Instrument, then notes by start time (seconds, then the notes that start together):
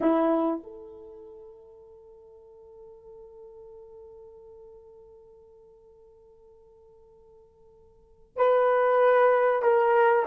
horn
0.00 E4
0.63 A4
8.36 B4
9.62 A#4